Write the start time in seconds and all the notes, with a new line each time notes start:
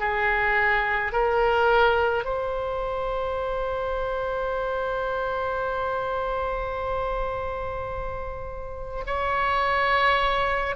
0.00 G#4
1.13 A#4
2.25 C5
9.07 C#5